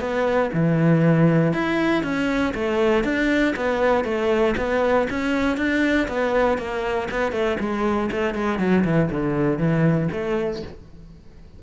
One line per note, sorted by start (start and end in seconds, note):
0.00 0.50 B3
0.53 1.53 E3
1.53 2.03 E4
2.03 2.53 C#4
2.54 3.04 A3
3.04 3.54 D4
3.56 4.04 B3
4.04 4.55 A3
4.57 5.08 B3
5.10 5.57 C#4
5.57 6.07 D4
6.08 6.58 B3
6.58 7.08 A#3
7.11 7.32 B3
7.32 7.57 A3
7.59 8.10 G#3
8.11 8.34 A3
8.34 8.59 G#3
8.59 8.84 F#3
8.84 9.09 E3
9.11 9.58 D3
9.58 10.09 E3
10.12 10.62 A3